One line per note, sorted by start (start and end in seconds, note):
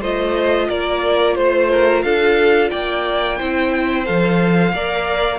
0.00 0.69 A3
0.00 3.40 F4
0.00 0.67 C5
0.00 0.69 D#5
0.69 1.37 A#3
0.69 1.37 A#4
0.69 1.35 D5
1.35 2.04 A3
1.35 2.02 C5
1.35 1.71 C5
1.71 2.04 A#4
2.02 2.71 D4
2.02 2.71 A4
2.02 2.70 F5
2.70 3.41 A#3
2.70 3.38 D5
2.70 4.05 G5
3.38 4.08 C4
3.38 4.06 E4
3.38 4.73 C5
4.05 4.73 F3
4.05 4.73 A4
4.05 5.39 F5
4.73 5.39 A#3
4.73 5.39 A#4
4.73 5.39 D5